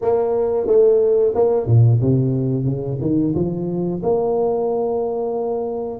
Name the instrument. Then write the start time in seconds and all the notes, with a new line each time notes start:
tuba
0.01 A#3
0.67 A3
1.35 A#3
1.66 A#2
2.01 C3
2.65 C#3
3.01 D#3
3.35 F3
4.02 A#3